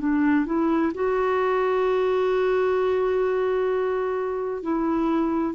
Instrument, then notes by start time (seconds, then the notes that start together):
clarinet
0.00 D4
0.46 E4
0.94 F#4
4.62 E4